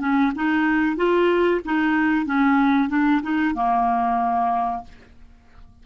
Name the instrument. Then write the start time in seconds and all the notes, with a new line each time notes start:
clarinet
0.00 C#4
0.35 D#4
0.96 F4
1.65 D#4
2.26 C#4
2.89 D4
3.23 D#4
3.55 A#3